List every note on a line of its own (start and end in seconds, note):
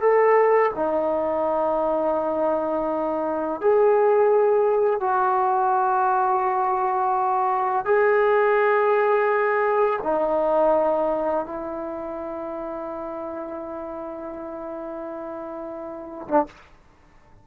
0.00 0.71 A4
0.75 3.60 D#4
3.60 5.00 G#4
5.00 7.85 F#4
7.85 9.99 G#4
10.03 11.45 D#4
11.45 16.28 E4
16.28 16.45 D4